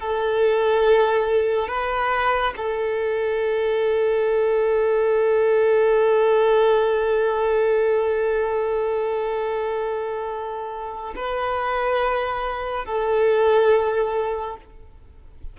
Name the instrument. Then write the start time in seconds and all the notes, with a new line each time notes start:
violin
0.00 A4
1.68 B4
2.57 A4
11.15 B4
12.85 A4